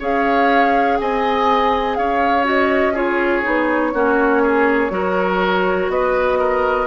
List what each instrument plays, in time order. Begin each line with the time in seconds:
0.00 bassoon C#4, clarinet G#4, oboe C#5, flute F5
0.98 bassoon C4, oboe D#5, flute G#5
1.96 bassoon C#4, oboe C#5, flute F5
2.44 clarinet F#4, flute D#5
2.93 clarinet F4, oboe G#4, flute C#5
3.43 bassoon B3, clarinet D#4
3.94 bassoon A#3, clarinet C#4, oboe F#4
4.43 oboe G#4
4.90 bassoon F#3, clarinet F#4, oboe A#4
5.89 bassoon B3, oboe B4, flute D#5
6.39 oboe A#4